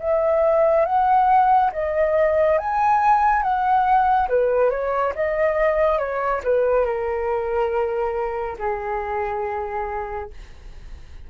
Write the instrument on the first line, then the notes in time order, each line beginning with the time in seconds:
flute
0.00 E5
0.86 F#5
1.73 D#5
2.58 G#5
3.43 F#5
4.29 B4
4.71 C#5
5.15 D#5
5.99 C#5
6.44 B4
6.86 A#4
8.59 G#4